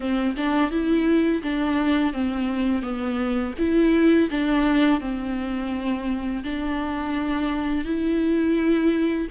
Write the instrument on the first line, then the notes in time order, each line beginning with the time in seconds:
viola
0.00 C4
0.36 D4
0.70 E4
1.43 D4
2.13 C4
2.82 B3
3.58 E4
4.30 D4
5.00 C4
6.43 D4
7.84 E4